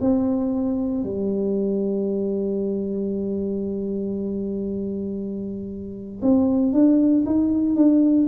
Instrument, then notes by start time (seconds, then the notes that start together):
tuba
0.00 C4
1.03 G3
6.21 C4
6.72 D4
7.25 D#4
7.75 D4